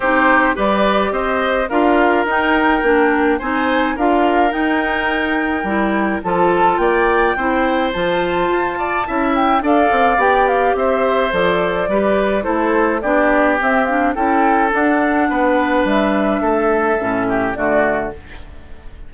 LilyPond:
<<
  \new Staff \with { instrumentName = "flute" } { \time 4/4 \tempo 4 = 106 c''4 d''4 dis''4 f''4 | g''2 gis''4 f''4 | g''2. a''4 | g''2 a''2~ |
a''8 g''8 f''4 g''8 f''8 e''4 | d''2 c''4 d''4 | e''8 f''8 g''4 fis''2 | e''2. d''4 | }
  \new Staff \with { instrumentName = "oboe" } { \time 4/4 g'4 b'4 c''4 ais'4~ | ais'2 c''4 ais'4~ | ais'2. a'4 | d''4 c''2~ c''8 d''8 |
e''4 d''2 c''4~ | c''4 b'4 a'4 g'4~ | g'4 a'2 b'4~ | b'4 a'4. g'8 fis'4 | }
  \new Staff \with { instrumentName = "clarinet" } { \time 4/4 dis'4 g'2 f'4 | dis'4 d'4 dis'4 f'4 | dis'2 e'4 f'4~ | f'4 e'4 f'2 |
e'4 a'4 g'2 | a'4 g'4 e'4 d'4 | c'8 d'8 e'4 d'2~ | d'2 cis'4 a4 | }
  \new Staff \with { instrumentName = "bassoon" } { \time 4/4 c'4 g4 c'4 d'4 | dis'4 ais4 c'4 d'4 | dis'2 g4 f4 | ais4 c'4 f4 f'4 |
cis'4 d'8 c'8 b4 c'4 | f4 g4 a4 b4 | c'4 cis'4 d'4 b4 | g4 a4 a,4 d4 | }
>>